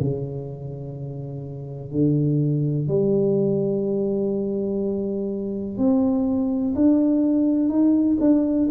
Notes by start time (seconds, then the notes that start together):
0.00 C#3
1.91 D3
2.88 G3
5.78 C4
6.75 D4
7.69 D#4
8.20 D4